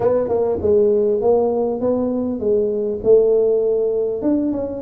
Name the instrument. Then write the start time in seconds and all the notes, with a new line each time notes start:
tuba
0.00 B3
0.28 A#3
0.61 G#3
1.21 A#3
1.80 B3
2.39 G#3
3.03 A3
4.22 D4
4.52 C#4